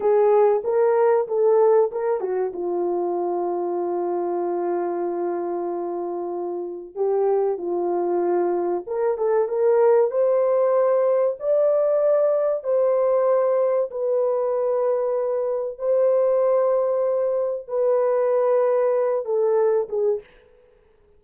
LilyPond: \new Staff \with { instrumentName = "horn" } { \time 4/4 \tempo 4 = 95 gis'4 ais'4 a'4 ais'8 fis'8 | f'1~ | f'2. g'4 | f'2 ais'8 a'8 ais'4 |
c''2 d''2 | c''2 b'2~ | b'4 c''2. | b'2~ b'8 a'4 gis'8 | }